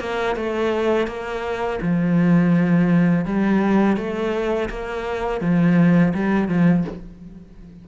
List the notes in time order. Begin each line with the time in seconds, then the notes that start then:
0.00 A#3
0.36 A3
1.07 A#3
1.82 F3
3.25 G3
3.97 A3
4.70 A#3
5.41 F3
6.14 G3
6.48 F3